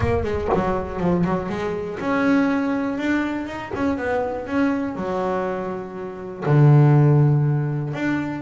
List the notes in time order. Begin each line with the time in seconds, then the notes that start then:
0.00 A#3
0.23 G#3
0.54 F#3
1.00 F3
1.24 F#3
1.49 G#3
1.99 C#4
2.98 D4
3.47 D#4
3.74 C#4
3.97 B3
4.46 C#4
4.95 F#3
6.45 D3
7.93 D4